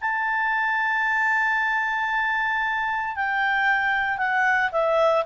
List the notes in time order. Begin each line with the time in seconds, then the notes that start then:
0.00 A5
3.15 G5
4.17 F#5
4.72 E5